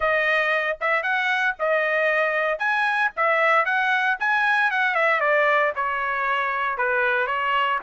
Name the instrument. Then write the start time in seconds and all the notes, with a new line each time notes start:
trumpet
0.00 D#5
0.80 E5
1.02 F#5
1.59 D#5
2.58 G#5
3.16 E5
3.65 F#5
4.19 G#5
4.70 F#5
4.94 E5
5.20 D5
5.75 C#5
6.77 B4
7.27 C#5